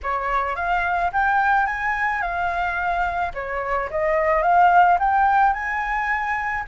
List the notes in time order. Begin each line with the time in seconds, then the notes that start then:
0.03 C#5
0.55 F5
1.12 G5
1.66 G#5
2.21 F5
3.33 C#5
3.90 D#5
4.42 F5
4.99 G5
5.53 G#5